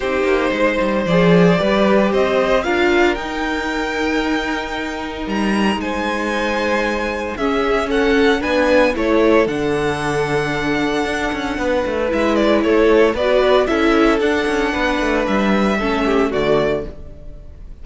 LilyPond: <<
  \new Staff \with { instrumentName = "violin" } { \time 4/4 \tempo 4 = 114 c''2 d''2 | dis''4 f''4 g''2~ | g''2 ais''4 gis''4~ | gis''2 e''4 fis''4 |
gis''4 cis''4 fis''2~ | fis''2. e''8 d''8 | cis''4 d''4 e''4 fis''4~ | fis''4 e''2 d''4 | }
  \new Staff \with { instrumentName = "violin" } { \time 4/4 g'4 c''2 b'4 | c''4 ais'2.~ | ais'2. c''4~ | c''2 gis'4 a'4 |
b'4 a'2.~ | a'2 b'2 | a'4 b'4 a'2 | b'2 a'8 g'8 fis'4 | }
  \new Staff \with { instrumentName = "viola" } { \time 4/4 dis'2 gis'4 g'4~ | g'4 f'4 dis'2~ | dis'1~ | dis'2 cis'2 |
d'4 e'4 d'2~ | d'2. e'4~ | e'4 fis'4 e'4 d'4~ | d'2 cis'4 a4 | }
  \new Staff \with { instrumentName = "cello" } { \time 4/4 c'8 ais8 gis8 g8 f4 g4 | c'4 d'4 dis'2~ | dis'2 g4 gis4~ | gis2 cis'2 |
b4 a4 d2~ | d4 d'8 cis'8 b8 a8 gis4 | a4 b4 cis'4 d'8 cis'8 | b8 a8 g4 a4 d4 | }
>>